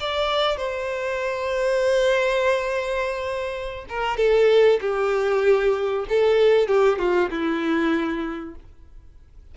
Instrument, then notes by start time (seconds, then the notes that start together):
violin
0.00 D5
0.57 C5
3.89 A#4
4.17 A4
4.81 G4
6.09 A4
6.68 G4
6.98 F4
7.30 E4